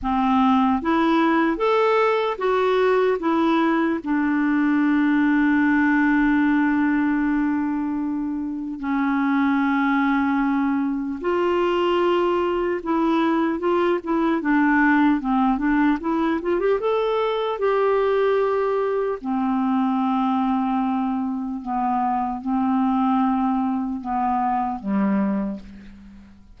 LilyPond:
\new Staff \with { instrumentName = "clarinet" } { \time 4/4 \tempo 4 = 75 c'4 e'4 a'4 fis'4 | e'4 d'2.~ | d'2. cis'4~ | cis'2 f'2 |
e'4 f'8 e'8 d'4 c'8 d'8 | e'8 f'16 g'16 a'4 g'2 | c'2. b4 | c'2 b4 g4 | }